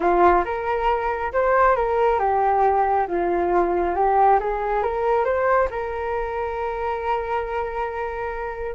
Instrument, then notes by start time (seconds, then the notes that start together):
flute
0.00 F4
0.45 A#4
1.33 C5
1.75 A#4
2.19 G4
3.07 F4
3.95 G4
4.39 G#4
4.83 A#4
5.24 C5
5.70 A#4